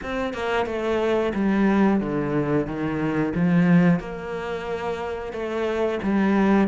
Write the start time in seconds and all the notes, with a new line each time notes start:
0.02 C4
0.33 A#3
0.66 A3
1.34 G3
2.00 D3
2.66 D#3
3.34 F3
3.99 A#3
5.32 A3
6.02 G3